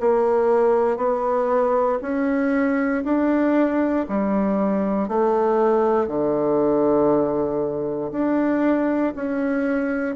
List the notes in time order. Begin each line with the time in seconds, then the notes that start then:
0.00 A#3
0.97 B3
2.02 C#4
3.04 D4
4.09 G3
5.08 A3
6.07 D3
8.12 D4
9.16 C#4